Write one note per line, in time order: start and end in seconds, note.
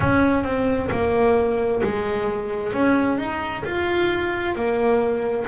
0.00 0.43 C#4
0.43 0.89 C4
0.91 1.82 A#3
1.83 2.73 G#3
2.73 3.17 C#4
3.17 3.63 D#4
3.64 4.55 F4
4.55 5.45 A#3